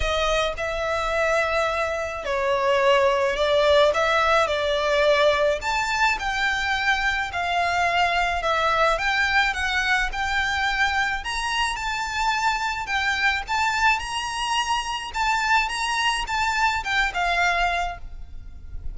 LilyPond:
\new Staff \with { instrumentName = "violin" } { \time 4/4 \tempo 4 = 107 dis''4 e''2. | cis''2 d''4 e''4 | d''2 a''4 g''4~ | g''4 f''2 e''4 |
g''4 fis''4 g''2 | ais''4 a''2 g''4 | a''4 ais''2 a''4 | ais''4 a''4 g''8 f''4. | }